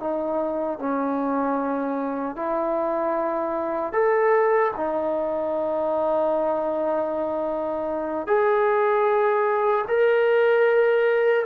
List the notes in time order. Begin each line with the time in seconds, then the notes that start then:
0.00 D#4
0.79 C#4
2.36 E4
3.93 A4
4.77 D#4
8.28 G#4
9.88 A#4